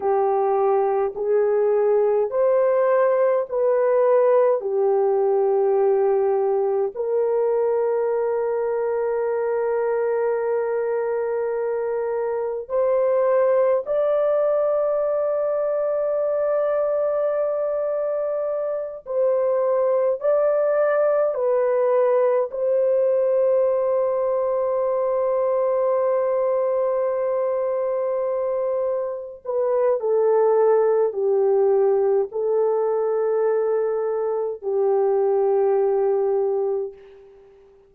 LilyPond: \new Staff \with { instrumentName = "horn" } { \time 4/4 \tempo 4 = 52 g'4 gis'4 c''4 b'4 | g'2 ais'2~ | ais'2. c''4 | d''1~ |
d''8 c''4 d''4 b'4 c''8~ | c''1~ | c''4. b'8 a'4 g'4 | a'2 g'2 | }